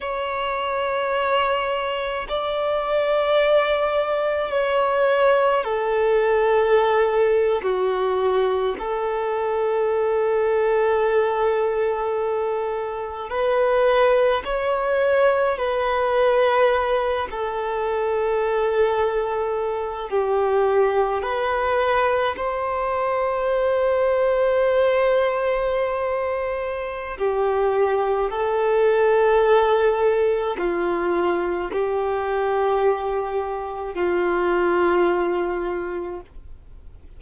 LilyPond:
\new Staff \with { instrumentName = "violin" } { \time 4/4 \tempo 4 = 53 cis''2 d''2 | cis''4 a'4.~ a'16 fis'4 a'16~ | a'2.~ a'8. b'16~ | b'8. cis''4 b'4. a'8.~ |
a'4.~ a'16 g'4 b'4 c''16~ | c''1 | g'4 a'2 f'4 | g'2 f'2 | }